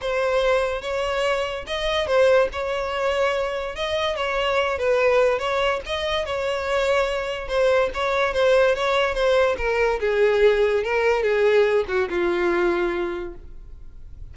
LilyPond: \new Staff \with { instrumentName = "violin" } { \time 4/4 \tempo 4 = 144 c''2 cis''2 | dis''4 c''4 cis''2~ | cis''4 dis''4 cis''4. b'8~ | b'4 cis''4 dis''4 cis''4~ |
cis''2 c''4 cis''4 | c''4 cis''4 c''4 ais'4 | gis'2 ais'4 gis'4~ | gis'8 fis'8 f'2. | }